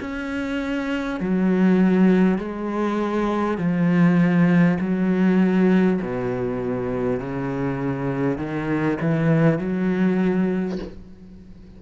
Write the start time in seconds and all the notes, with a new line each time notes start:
0.00 C#4
1.20 F#3
2.38 G#3
3.58 F3
4.80 F#3
6.02 B2
7.20 C#3
8.38 D#3
9.01 E3
9.59 F#3